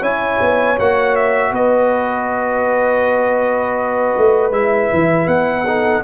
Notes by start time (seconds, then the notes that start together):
0.00 C#4 E4 C#5 G#5
0.41 B3
0.79 A#3 F#4 F#5
1.16 E5
1.52 B3 B4 D#5
4.18 A3
4.51 G#3 E4 E5
4.93 E3
5.27 B3 F#5
5.67 D#4 A4